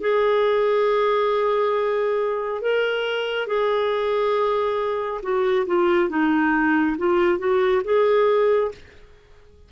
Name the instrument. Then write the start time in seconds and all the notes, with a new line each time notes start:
clarinet
0.00 G#4
2.61 A#4
3.47 G#4
5.22 F#4
5.66 F4
6.09 D#4
6.98 F4
7.38 F#4
7.84 G#4